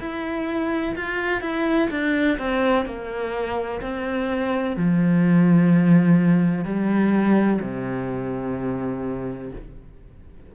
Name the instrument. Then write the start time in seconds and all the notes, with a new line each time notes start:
cello
0.00 E4
0.96 F4
1.42 E4
1.90 D4
2.39 C4
2.86 A#3
3.82 C4
4.77 F3
6.65 G3
7.62 C3